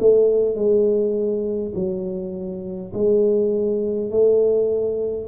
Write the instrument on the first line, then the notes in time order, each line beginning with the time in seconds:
tuba
0.00 A3
0.56 G#3
1.75 F#3
2.94 G#3
4.11 A3